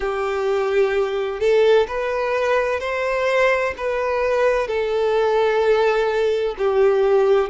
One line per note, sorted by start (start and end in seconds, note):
0.00 1.39 G4
1.39 1.86 A4
1.87 2.80 B4
2.80 3.73 C5
3.77 4.67 B4
4.67 6.55 A4
6.58 7.50 G4